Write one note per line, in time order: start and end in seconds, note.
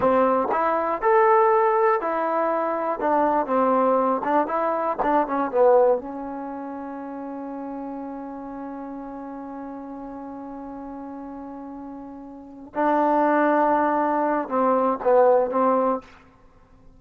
0.00 0.47 C4
0.51 1.01 E4
1.01 2.00 A4
2.00 2.99 E4
2.99 3.46 D4
3.46 4.21 C4
4.24 4.47 D4
4.47 4.97 E4
5.02 5.27 D4
5.27 5.51 C#4
5.51 5.98 B3
5.98 12.73 C#4
12.74 14.48 D4
14.48 14.98 C4
15.03 15.50 B3
15.50 16.00 C4